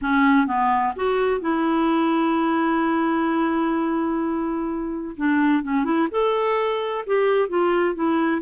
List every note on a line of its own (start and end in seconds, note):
0.01 0.46 C#4
0.46 0.93 B3
0.96 1.40 F#4
1.40 5.15 E4
5.16 5.63 D4
5.63 5.84 C#4
5.84 6.08 E4
6.11 7.04 A4
7.06 7.49 G4
7.49 7.95 F4
7.95 8.41 E4